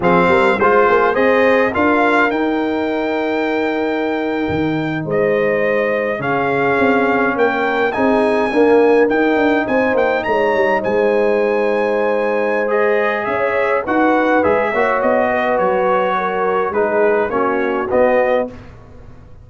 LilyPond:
<<
  \new Staff \with { instrumentName = "trumpet" } { \time 4/4 \tempo 4 = 104 f''4 c''4 dis''4 f''4 | g''1~ | g''8. dis''2 f''4~ f''16~ | f''8. g''4 gis''2 g''16~ |
g''8. gis''8 g''8 ais''4 gis''4~ gis''16~ | gis''2 dis''4 e''4 | fis''4 e''4 dis''4 cis''4~ | cis''4 b'4 cis''4 dis''4 | }
  \new Staff \with { instrumentName = "horn" } { \time 4/4 gis'8 ais'8 c''8 gis'8 c''4 ais'4~ | ais'1~ | ais'8. c''2 gis'4~ gis'16~ | gis'8. ais'4 gis'4 ais'4~ ais'16~ |
ais'8. c''4 cis''4 c''4~ c''16~ | c''2. cis''4 | b'4. cis''4 b'4. | ais'4 gis'4 fis'2 | }
  \new Staff \with { instrumentName = "trombone" } { \time 4/4 c'4 f'4 gis'4 f'4 | dis'1~ | dis'2~ dis'8. cis'4~ cis'16~ | cis'4.~ cis'16 dis'4 ais4 dis'16~ |
dis'1~ | dis'2 gis'2 | fis'4 gis'8 fis'2~ fis'8~ | fis'4 dis'4 cis'4 b4 | }
  \new Staff \with { instrumentName = "tuba" } { \time 4/4 f8 g8 gis8 ais8 c'4 d'4 | dis'2.~ dis'8. dis16~ | dis8. gis2 cis4 c'16~ | c'8. ais4 c'4 d'4 dis'16~ |
dis'16 d'8 c'8 ais8 gis8 g8 gis4~ gis16~ | gis2. cis'4 | dis'4 gis8 ais8 b4 fis4~ | fis4 gis4 ais4 b4 | }
>>